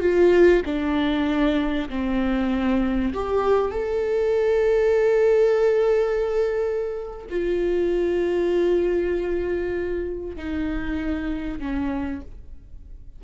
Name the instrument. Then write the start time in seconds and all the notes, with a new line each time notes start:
viola
0.00 F4
0.65 D4
1.89 C4
3.13 G4
3.71 A4
7.29 F4
10.36 D#4
11.59 C#4